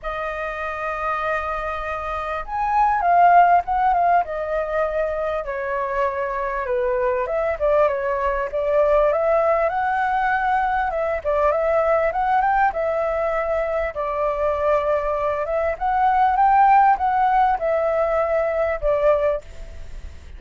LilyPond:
\new Staff \with { instrumentName = "flute" } { \time 4/4 \tempo 4 = 99 dis''1 | gis''4 f''4 fis''8 f''8 dis''4~ | dis''4 cis''2 b'4 | e''8 d''8 cis''4 d''4 e''4 |
fis''2 e''8 d''8 e''4 | fis''8 g''8 e''2 d''4~ | d''4. e''8 fis''4 g''4 | fis''4 e''2 d''4 | }